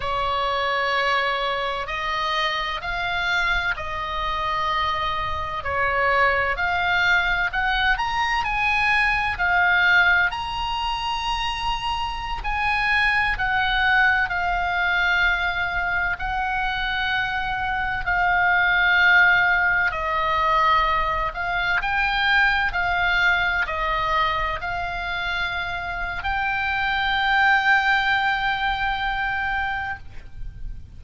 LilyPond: \new Staff \with { instrumentName = "oboe" } { \time 4/4 \tempo 4 = 64 cis''2 dis''4 f''4 | dis''2 cis''4 f''4 | fis''8 ais''8 gis''4 f''4 ais''4~ | ais''4~ ais''16 gis''4 fis''4 f''8.~ |
f''4~ f''16 fis''2 f''8.~ | f''4~ f''16 dis''4. f''8 g''8.~ | g''16 f''4 dis''4 f''4.~ f''16 | g''1 | }